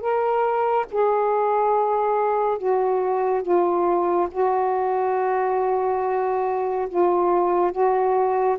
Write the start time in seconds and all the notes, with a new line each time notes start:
0.00 A#4
0.91 G#4
2.58 F#4
3.42 F4
4.31 F#4
6.88 F4
7.71 F#4